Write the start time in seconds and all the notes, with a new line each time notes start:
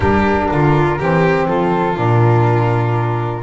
0.00 G3 D4 G4 A#4
0.51 D3 F4
0.99 E3 C4 G4
1.47 F3 F4 A4
1.93 A#2 D4 A#4